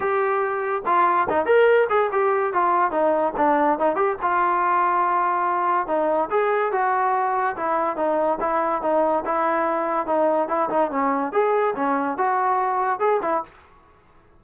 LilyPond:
\new Staff \with { instrumentName = "trombone" } { \time 4/4 \tempo 4 = 143 g'2 f'4 dis'8 ais'8~ | ais'8 gis'8 g'4 f'4 dis'4 | d'4 dis'8 g'8 f'2~ | f'2 dis'4 gis'4 |
fis'2 e'4 dis'4 | e'4 dis'4 e'2 | dis'4 e'8 dis'8 cis'4 gis'4 | cis'4 fis'2 gis'8 e'8 | }